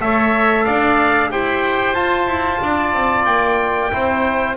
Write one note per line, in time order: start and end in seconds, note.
0.00 0.65 A3
0.00 1.30 A4
0.00 0.65 C#5
0.00 0.65 E5
0.65 1.33 D4
0.65 1.31 D5
0.65 1.31 F5
1.30 1.95 E4
1.30 1.95 G4
1.30 2.62 C5
1.30 1.94 G5
1.94 3.91 F4
1.94 2.27 F4
1.94 3.25 A5
2.27 2.60 E4
2.62 2.93 D4
2.62 3.92 D5
2.93 3.26 C4
3.25 3.91 A#3
3.25 4.56 G5
3.92 4.57 C4
3.92 4.57 E4
3.92 4.57 C5